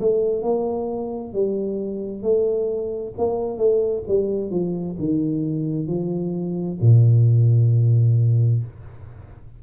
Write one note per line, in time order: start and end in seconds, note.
0.00 0.43 A3
0.43 1.33 A#3
1.33 2.23 G3
2.23 3.14 A3
3.18 3.58 A#3
3.58 4.03 A3
4.08 4.50 G3
4.50 4.96 F3
4.99 5.87 D#3
5.87 6.78 F3
6.81 8.63 A#2